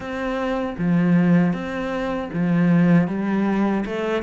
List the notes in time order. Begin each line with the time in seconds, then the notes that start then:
0.00 C4
0.77 F3
1.53 C4
2.33 F3
3.07 G3
3.85 A3